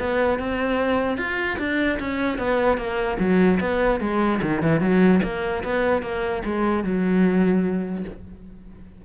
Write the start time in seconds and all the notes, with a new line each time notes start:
0.00 B3
0.39 C4
1.18 F4
1.59 D4
2.00 C#4
2.39 B3
2.78 A#3
3.20 F#3
3.61 B3
4.01 G#3
4.42 D#3
4.63 E3
4.81 F#3
5.24 A#3
5.64 B3
6.03 A#3
6.45 G#3
6.84 F#3